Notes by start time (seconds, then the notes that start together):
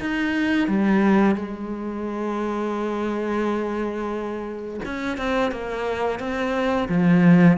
0.00 D#4
0.67 G3
1.35 G#3
4.85 C#4
5.17 C4
5.51 A#3
6.19 C4
6.89 F3